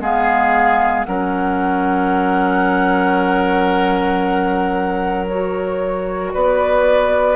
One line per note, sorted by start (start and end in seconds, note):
0.00 1.05 G#3
0.00 1.05 B3
0.00 1.07 G#4
0.00 1.05 F5
1.05 6.34 F#3
1.05 5.28 C#4
1.05 6.33 A#4
1.05 5.26 F#5
5.27 7.36 F#4
5.27 6.32 C#5
6.33 7.36 B3
6.33 7.36 B4
6.33 7.36 D5